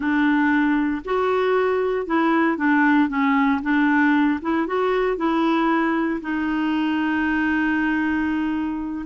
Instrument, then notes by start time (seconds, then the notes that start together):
clarinet
0.00 D4
1.05 F#4
2.06 E4
2.57 D4
3.08 C#4
3.62 D4
4.41 E4
4.66 F#4
5.17 E4
6.21 D#4